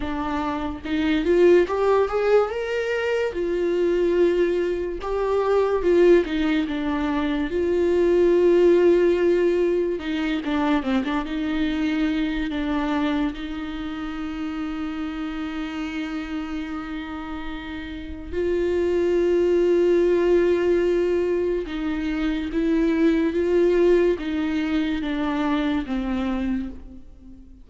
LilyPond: \new Staff \with { instrumentName = "viola" } { \time 4/4 \tempo 4 = 72 d'4 dis'8 f'8 g'8 gis'8 ais'4 | f'2 g'4 f'8 dis'8 | d'4 f'2. | dis'8 d'8 c'16 d'16 dis'4. d'4 |
dis'1~ | dis'2 f'2~ | f'2 dis'4 e'4 | f'4 dis'4 d'4 c'4 | }